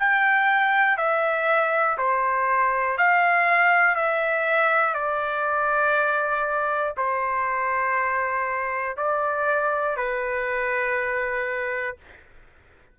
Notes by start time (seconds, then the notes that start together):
0.00 G5
0.98 E5
1.98 C5
2.98 F5
3.95 E5
4.95 D5
6.97 C5
8.97 D5
9.97 B4